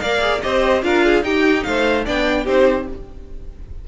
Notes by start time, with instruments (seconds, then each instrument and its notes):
0.00 cello A#3, viola A#4, violin D5 F5
0.21 viola G#4
0.42 cello C4, viola G4, violin C5 D#5
0.83 cello D4, viola F4, violin A#4 F5
1.05 violin G#4
1.23 cello D#4, viola D#4, violin G4 G5
1.64 cello A3, violin C5 F5
2.05 cello B3, viola D4, violin D5 G5
2.44 cello C4, viola D#4, violin G4 C5